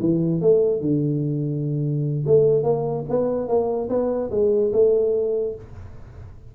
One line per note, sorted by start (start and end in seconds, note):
0.00 0.41 E3
0.41 0.81 A3
0.81 2.25 D3
2.26 2.63 A3
2.63 3.04 A#3
3.09 3.48 B3
3.48 3.89 A#3
3.89 4.30 B3
4.31 4.72 G#3
4.73 5.55 A3